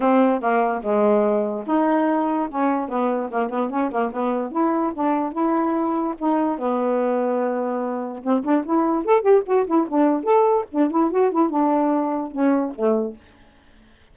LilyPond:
\new Staff \with { instrumentName = "saxophone" } { \time 4/4 \tempo 4 = 146 c'4 ais4 gis2 | dis'2 cis'4 b4 | ais8 b8 cis'8 ais8 b4 e'4 | d'4 e'2 dis'4 |
b1 | c'8 d'8 e'4 a'8 g'8 fis'8 e'8 | d'4 a'4 d'8 e'8 fis'8 e'8 | d'2 cis'4 a4 | }